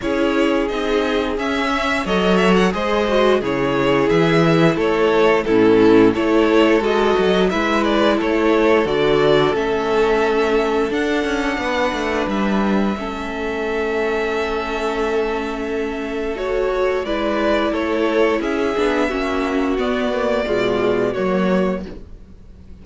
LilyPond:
<<
  \new Staff \with { instrumentName = "violin" } { \time 4/4 \tempo 4 = 88 cis''4 dis''4 e''4 dis''8 e''16 fis''16 | dis''4 cis''4 e''4 cis''4 | a'4 cis''4 dis''4 e''8 d''8 | cis''4 d''4 e''2 |
fis''2 e''2~ | e''1 | cis''4 d''4 cis''4 e''4~ | e''4 d''2 cis''4 | }
  \new Staff \with { instrumentName = "violin" } { \time 4/4 gis'2~ gis'8 e''8 cis''4 | c''4 gis'2 a'4 | e'4 a'2 b'4 | a'1~ |
a'4 b'2 a'4~ | a'1~ | a'4 b'4 a'4 gis'4 | fis'2 f'4 fis'4 | }
  \new Staff \with { instrumentName = "viola" } { \time 4/4 e'4 dis'4 cis'4 a'4 | gis'8 fis'8 e'2. | cis'4 e'4 fis'4 e'4~ | e'4 fis'4 cis'2 |
d'2. cis'4~ | cis'1 | fis'4 e'2~ e'8 d'8 | cis'4 b8 ais8 gis4 ais4 | }
  \new Staff \with { instrumentName = "cello" } { \time 4/4 cis'4 c'4 cis'4 fis4 | gis4 cis4 e4 a4 | a,4 a4 gis8 fis8 gis4 | a4 d4 a2 |
d'8 cis'8 b8 a8 g4 a4~ | a1~ | a4 gis4 a4 cis'8 b8 | ais4 b4 b,4 fis4 | }
>>